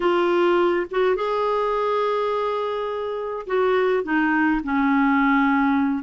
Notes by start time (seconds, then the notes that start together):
0.00 F4
0.90 F#4
1.15 G#4
3.46 F#4
4.03 D#4
4.63 C#4